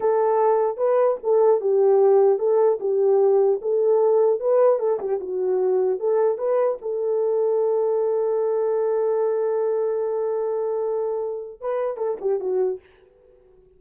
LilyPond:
\new Staff \with { instrumentName = "horn" } { \time 4/4 \tempo 4 = 150 a'2 b'4 a'4 | g'2 a'4 g'4~ | g'4 a'2 b'4 | a'8 g'8 fis'2 a'4 |
b'4 a'2.~ | a'1~ | a'1~ | a'4 b'4 a'8 g'8 fis'4 | }